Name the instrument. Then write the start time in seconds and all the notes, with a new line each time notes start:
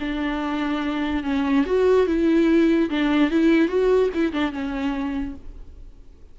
viola
0.00 D4
1.24 C#4
1.66 F#4
2.07 E4
2.90 D4
3.31 E4
3.68 F#4
4.14 E4
4.33 D4
4.53 C#4